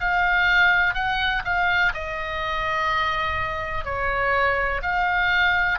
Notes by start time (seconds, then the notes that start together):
0.00 F5
0.95 F#5
1.45 F5
1.94 D#5
3.84 C#5
4.82 F5